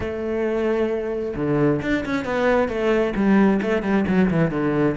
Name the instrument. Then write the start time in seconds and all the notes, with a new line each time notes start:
cello
0.00 A3
1.36 D3
1.81 D4
2.05 C#4
2.24 B3
2.68 A3
3.15 G3
3.62 A3
3.82 G3
4.07 F#3
4.30 E3
4.51 D3